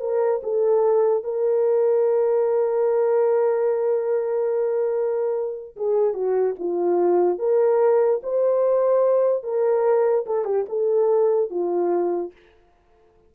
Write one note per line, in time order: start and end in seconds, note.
0.00 0.41 A#4
0.43 1.24 A4
1.24 5.76 A#4
5.76 6.14 G#4
6.14 6.55 F#4
6.59 7.39 F4
7.39 8.21 A#4
8.23 9.44 C5
9.44 10.26 A#4
10.26 10.45 A4
10.45 10.66 G4
10.69 11.50 A4
11.50 12.33 F4